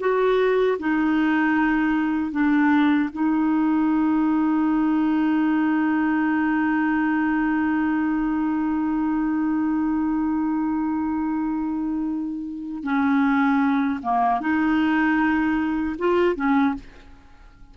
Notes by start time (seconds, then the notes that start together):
0.00 F#4
0.79 D#4
2.31 D4
3.12 D#4
12.83 C#4
14.03 A#3
14.40 D#4
15.98 F4
16.36 C#4